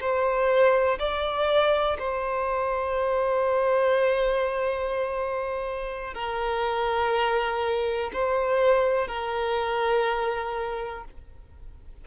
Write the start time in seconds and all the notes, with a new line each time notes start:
0.00 C5
0.98 D5
1.99 C5
6.14 A#4
8.13 C5
9.08 A#4